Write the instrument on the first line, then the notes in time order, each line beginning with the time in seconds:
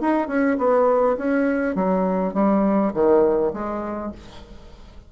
bassoon
0.00 D#4
0.27 C#4
0.57 B3
1.17 C#4
1.75 F#3
2.33 G3
2.93 D#3
3.53 G#3